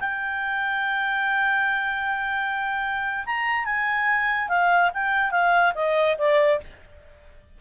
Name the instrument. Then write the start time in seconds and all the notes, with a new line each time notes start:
clarinet
0.00 G5
3.26 A#5
3.65 G#5
4.49 F5
4.94 G5
5.32 F5
5.75 D#5
6.18 D5